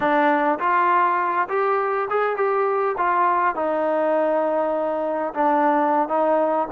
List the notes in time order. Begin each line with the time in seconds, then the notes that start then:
0.00 D4
0.59 F4
1.49 G4
2.10 G#4
2.36 G4
2.97 F4
3.55 D#4
5.34 D4
6.08 D#4